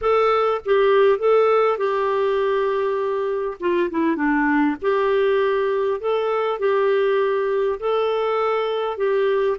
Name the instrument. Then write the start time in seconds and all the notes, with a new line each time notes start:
clarinet
0.01 A4
0.65 G4
1.18 A4
1.77 G4
3.59 F4
3.90 E4
4.16 D4
4.81 G4
6.00 A4
6.59 G4
7.79 A4
8.97 G4